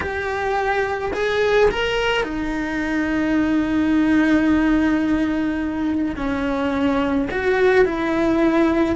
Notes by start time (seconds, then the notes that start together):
0.00 G4
1.13 G#4
1.70 A#4
2.23 D#4
6.16 C#4
7.30 F#4
7.85 E4